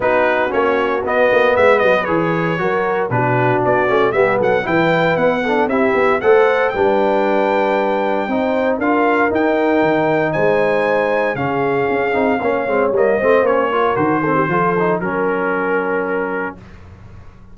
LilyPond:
<<
  \new Staff \with { instrumentName = "trumpet" } { \time 4/4 \tempo 4 = 116 b'4 cis''4 dis''4 e''8 dis''8 | cis''2 b'4 d''4 | e''8 fis''8 g''4 fis''4 e''4 | fis''4 g''2.~ |
g''4 f''4 g''2 | gis''2 f''2~ | f''4 dis''4 cis''4 c''4~ | c''4 ais'2. | }
  \new Staff \with { instrumentName = "horn" } { \time 4/4 fis'2. b'4~ | b'4 ais'4 fis'2 | g'8 a'8 b'4. a'8 g'4 | c''4 b'2. |
c''4 ais'2. | c''2 gis'2 | cis''4. c''4 ais'4 a'16 g'16 | a'4 ais'2. | }
  \new Staff \with { instrumentName = "trombone" } { \time 4/4 dis'4 cis'4 b2 | gis'4 fis'4 d'4. cis'8 | b4 e'4. d'8 e'4 | a'4 d'2. |
dis'4 f'4 dis'2~ | dis'2 cis'4. dis'8 | cis'8 c'8 ais8 c'8 cis'8 f'8 fis'8 c'8 | f'8 dis'8 cis'2. | }
  \new Staff \with { instrumentName = "tuba" } { \time 4/4 b4 ais4 b8 ais8 gis8 fis8 | e4 fis4 b,4 b8 a8 | g8 fis8 e4 b4 c'8 b8 | a4 g2. |
c'4 d'4 dis'4 dis4 | gis2 cis4 cis'8 c'8 | ais8 gis8 g8 a8 ais4 dis4 | f4 fis2. | }
>>